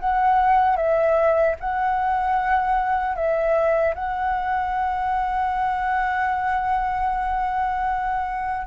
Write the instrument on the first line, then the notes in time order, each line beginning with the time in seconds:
flute
0.00 F#5
0.76 E5
1.60 F#5
3.16 E5
3.95 F#5